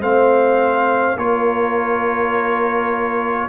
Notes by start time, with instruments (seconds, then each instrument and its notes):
0.00 tuba A3, trombone C4, horn C5, trumpet F5
1.16 tuba A#3, trombone F4, horn A#4, trumpet C#5